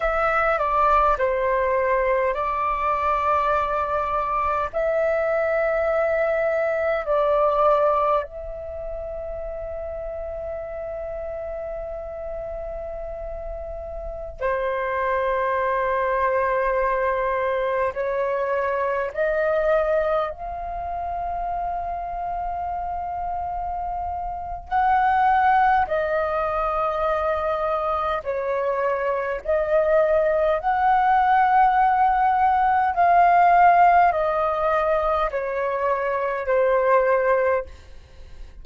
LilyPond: \new Staff \with { instrumentName = "flute" } { \time 4/4 \tempo 4 = 51 e''8 d''8 c''4 d''2 | e''2 d''4 e''4~ | e''1~ | e''16 c''2. cis''8.~ |
cis''16 dis''4 f''2~ f''8.~ | f''4 fis''4 dis''2 | cis''4 dis''4 fis''2 | f''4 dis''4 cis''4 c''4 | }